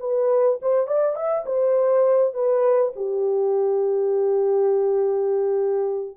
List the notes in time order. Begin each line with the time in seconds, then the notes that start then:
0.00 B4
0.62 C5
0.87 D5
1.16 E5
1.46 C5
2.34 B4
2.96 G4